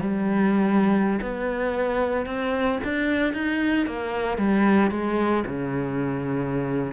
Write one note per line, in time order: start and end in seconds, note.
0.00 1.19 G3
1.21 2.26 B3
2.26 2.79 C4
2.84 3.33 D4
3.33 3.86 D#4
3.86 4.37 A#3
4.37 4.90 G3
4.91 5.44 G#3
5.46 6.92 C#3